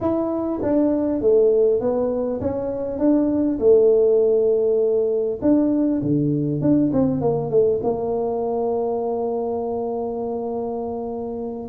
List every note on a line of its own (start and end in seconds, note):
0.00 0.60 E4
0.62 1.21 D4
1.21 1.80 A3
1.80 2.40 B3
2.41 2.98 C#4
2.98 3.58 D4
3.59 5.39 A3
5.41 6.01 D4
6.02 6.61 D3
6.61 6.91 D4
6.92 7.21 C4
7.21 7.50 A#3
7.50 7.80 A3
7.83 11.68 A#3